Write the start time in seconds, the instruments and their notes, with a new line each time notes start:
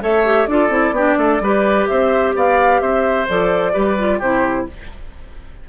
0.00 bassoon A3, clarinet A4, oboe C#5, flute E5
0.24 clarinet G4
0.46 bassoon D4, clarinet F4, oboe A4, flute D5
0.69 bassoon C4, clarinet E4
0.91 bassoon B3, clarinet D4, oboe G4
1.17 bassoon A3, oboe A4
1.40 bassoon G3, clarinet G4, oboe B4
1.87 bassoon C4, oboe C5, flute E5
2.35 bassoon B3, oboe D5, flute F5
2.80 bassoon C4, oboe C5, flute E5
3.28 bassoon F3, clarinet A4, flute D5
3.72 bassoon G3, clarinet G4, oboe B4
3.97 clarinet F4
4.18 bassoon C3, clarinet E4, oboe G4, flute C5